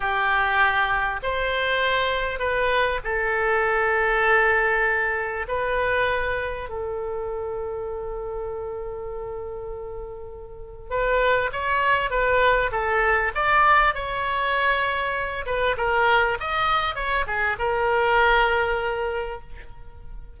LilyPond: \new Staff \with { instrumentName = "oboe" } { \time 4/4 \tempo 4 = 99 g'2 c''2 | b'4 a'2.~ | a'4 b'2 a'4~ | a'1~ |
a'2 b'4 cis''4 | b'4 a'4 d''4 cis''4~ | cis''4. b'8 ais'4 dis''4 | cis''8 gis'8 ais'2. | }